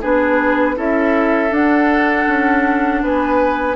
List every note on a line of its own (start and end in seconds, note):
0.00 0.77 B3
0.00 0.76 D4
0.00 0.75 G#4
0.00 0.78 B4
0.76 1.51 C#4
0.76 1.50 E4
0.76 3.01 A4
0.76 1.54 E5
1.50 3.75 D4
1.50 2.26 D4
1.50 3.04 F#5
2.27 3.03 C#4
3.03 3.75 B3
3.03 3.75 B4
3.03 3.75 G#5